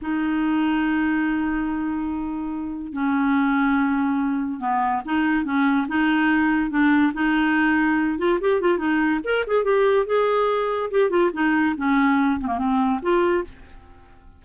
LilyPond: \new Staff \with { instrumentName = "clarinet" } { \time 4/4 \tempo 4 = 143 dis'1~ | dis'2. cis'4~ | cis'2. b4 | dis'4 cis'4 dis'2 |
d'4 dis'2~ dis'8 f'8 | g'8 f'8 dis'4 ais'8 gis'8 g'4 | gis'2 g'8 f'8 dis'4 | cis'4. c'16 ais16 c'4 f'4 | }